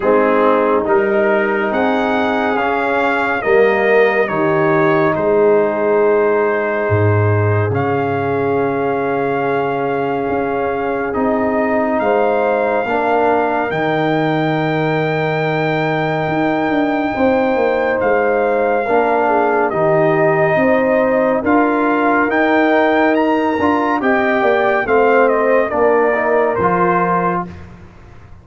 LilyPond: <<
  \new Staff \with { instrumentName = "trumpet" } { \time 4/4 \tempo 4 = 70 gis'4 ais'4 fis''4 f''4 | dis''4 cis''4 c''2~ | c''4 f''2.~ | f''4 dis''4 f''2 |
g''1~ | g''4 f''2 dis''4~ | dis''4 f''4 g''4 ais''4 | g''4 f''8 dis''8 d''4 c''4 | }
  \new Staff \with { instrumentName = "horn" } { \time 4/4 dis'2 gis'2 | ais'4 g'4 gis'2~ | gis'1~ | gis'2 c''4 ais'4~ |
ais'1 | c''2 ais'8 gis'8 g'4 | c''4 ais'2. | dis''8 d''8 c''4 ais'2 | }
  \new Staff \with { instrumentName = "trombone" } { \time 4/4 c'4 dis'2 cis'4 | ais4 dis'2.~ | dis'4 cis'2.~ | cis'4 dis'2 d'4 |
dis'1~ | dis'2 d'4 dis'4~ | dis'4 f'4 dis'4. f'8 | g'4 c'4 d'8 dis'8 f'4 | }
  \new Staff \with { instrumentName = "tuba" } { \time 4/4 gis4 g4 c'4 cis'4 | g4 dis4 gis2 | gis,4 cis2. | cis'4 c'4 gis4 ais4 |
dis2. dis'8 d'8 | c'8 ais8 gis4 ais4 dis4 | c'4 d'4 dis'4. d'8 | c'8 ais8 a4 ais4 f4 | }
>>